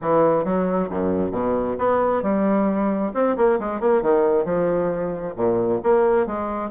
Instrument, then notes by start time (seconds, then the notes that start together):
bassoon
0.01 E3
0.44 F#3
0.90 F#2
1.31 B2
1.78 B3
2.22 G3
3.14 C4
3.36 A#3
3.59 G#3
3.80 A#3
4.02 D#3
4.44 F3
5.36 A#2
5.83 A#3
6.26 G#3